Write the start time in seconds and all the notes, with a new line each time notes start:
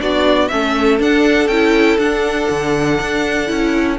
0.00 B3 D4 F#4 D5
0.48 A3 C#4 A4 E5
0.99 D4 F#5
1.48 C#4 E4 G5
1.98 D4 F#5
2.50 D3
3.01 D4
3.47 C#4 E4